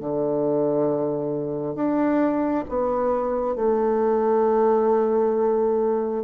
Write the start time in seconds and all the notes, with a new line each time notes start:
0.00 D3
1.75 D4
2.69 B3
3.56 A3